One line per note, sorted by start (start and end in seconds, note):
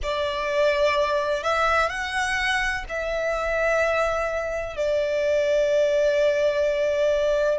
0.03 1.43 D5
1.43 1.89 E5
1.89 2.84 F#5
2.88 4.76 E5
4.76 7.58 D5